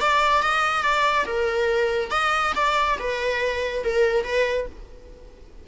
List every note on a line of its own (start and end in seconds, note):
0.00 0.42 D5
0.42 0.82 D#5
0.82 1.25 D5
1.25 2.10 A#4
2.10 2.53 D#5
2.55 2.97 D5
2.99 3.84 B4
3.84 4.23 A#4
4.23 4.66 B4